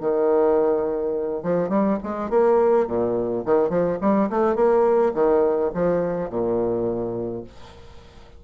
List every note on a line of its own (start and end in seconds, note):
0.00 1.43 D#3
1.43 1.69 F3
1.69 1.98 G3
2.03 2.30 G#3
2.30 2.87 A#3
2.87 3.44 A#2
3.45 3.70 D#3
3.70 3.98 F3
4.01 4.30 G3
4.30 4.55 A3
4.55 5.12 A#3
5.14 5.71 D#3
5.74 6.30 F3
6.30 7.44 A#2